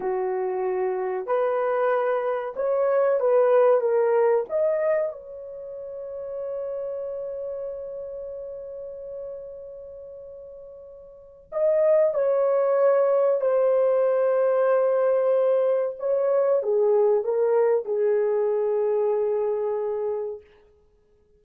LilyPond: \new Staff \with { instrumentName = "horn" } { \time 4/4 \tempo 4 = 94 fis'2 b'2 | cis''4 b'4 ais'4 dis''4 | cis''1~ | cis''1~ |
cis''2 dis''4 cis''4~ | cis''4 c''2.~ | c''4 cis''4 gis'4 ais'4 | gis'1 | }